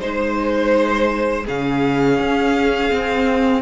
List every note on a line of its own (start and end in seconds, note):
0.00 1.47 G#3
0.00 1.46 D#4
0.00 1.45 C5
0.00 1.46 C5
1.45 2.19 C#3
1.45 2.90 C#4
1.45 3.62 G#4
1.45 3.62 F5
2.19 2.92 C#4
2.90 3.62 C4